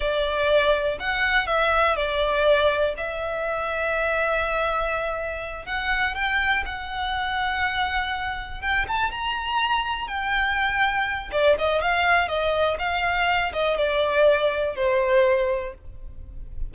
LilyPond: \new Staff \with { instrumentName = "violin" } { \time 4/4 \tempo 4 = 122 d''2 fis''4 e''4 | d''2 e''2~ | e''2.~ e''8 fis''8~ | fis''8 g''4 fis''2~ fis''8~ |
fis''4. g''8 a''8 ais''4.~ | ais''8 g''2~ g''8 d''8 dis''8 | f''4 dis''4 f''4. dis''8 | d''2 c''2 | }